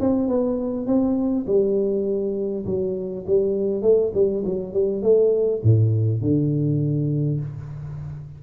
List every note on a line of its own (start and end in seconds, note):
0.00 0.28 C4
0.28 0.86 B3
0.86 1.46 C4
1.46 2.65 G3
2.65 3.25 F#3
3.26 3.82 G3
3.82 4.12 A3
4.14 4.43 G3
4.45 4.73 F#3
4.73 5.02 G3
5.02 5.61 A3
5.63 6.21 A2
6.21 7.40 D3